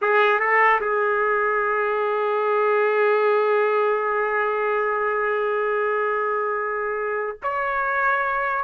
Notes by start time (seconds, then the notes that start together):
0.01 G#4
0.39 A4
0.80 G#4
7.43 C#5